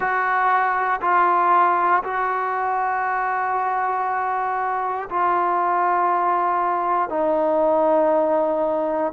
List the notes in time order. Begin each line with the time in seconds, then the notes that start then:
0.00 F#4
1.01 F4
2.03 F#4
5.09 F4
7.09 D#4